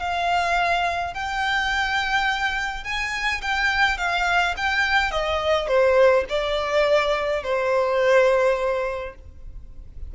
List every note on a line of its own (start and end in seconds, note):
0.00 1.14 F5
1.14 2.84 G5
2.84 3.41 G#5
3.42 3.98 G5
3.98 4.55 F5
4.57 5.11 G5
5.11 5.68 D#5
5.68 6.25 C5
6.29 7.43 D5
7.43 9.15 C5